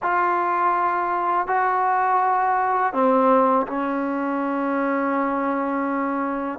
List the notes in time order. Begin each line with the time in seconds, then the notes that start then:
0.02 F4
1.47 F#4
2.93 C4
3.66 C#4